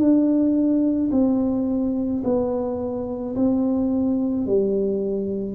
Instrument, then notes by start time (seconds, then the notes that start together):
tuba
0.00 D4
1.12 C4
2.25 B3
3.36 C4
4.47 G3